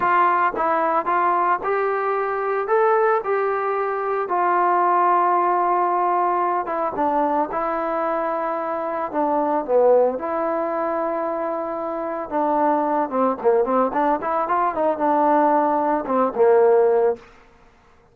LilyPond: \new Staff \with { instrumentName = "trombone" } { \time 4/4 \tempo 4 = 112 f'4 e'4 f'4 g'4~ | g'4 a'4 g'2 | f'1~ | f'8 e'8 d'4 e'2~ |
e'4 d'4 b4 e'4~ | e'2. d'4~ | d'8 c'8 ais8 c'8 d'8 e'8 f'8 dis'8 | d'2 c'8 ais4. | }